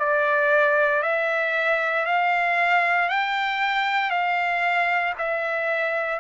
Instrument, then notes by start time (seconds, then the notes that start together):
trumpet
0.00 D5
1.03 E5
2.06 F5
3.09 G5
4.11 F5
5.19 E5